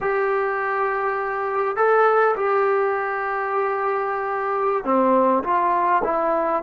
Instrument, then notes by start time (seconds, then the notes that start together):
trombone
0.01 G4
1.76 A4
2.36 G4
4.84 C4
5.43 F4
6.04 E4